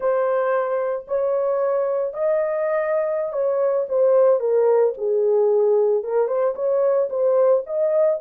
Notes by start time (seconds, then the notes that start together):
0.00 C5
1.07 C#5
2.13 D#5
3.32 C#5
3.88 C5
4.40 A#4
4.97 G#4
6.03 A#4
6.27 C5
6.55 C#5
7.09 C5
7.66 D#5